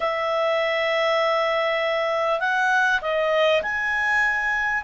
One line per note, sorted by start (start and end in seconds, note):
0.00 2.39 E5
2.39 3.00 F#5
3.01 3.62 D#5
3.62 4.83 G#5